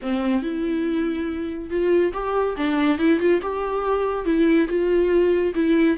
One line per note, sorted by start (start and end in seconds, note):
0.01 0.42 C4
0.42 1.69 E4
1.69 2.12 F4
2.13 2.56 G4
2.56 2.98 D4
2.98 3.19 E4
3.19 3.41 F4
3.41 4.25 G4
4.25 4.68 E4
4.68 5.53 F4
5.54 5.97 E4